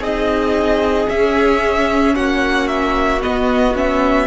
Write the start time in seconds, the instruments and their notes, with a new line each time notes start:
0.00 cello C4, viola D#4, violin G#4 D#5
1.08 viola C#4, cello C#4, violin E5
2.15 cello A#3, violin F#4 F#5
2.68 violin E5
3.21 viola B3, cello B3, violin D#5
3.75 viola C#4, violin E5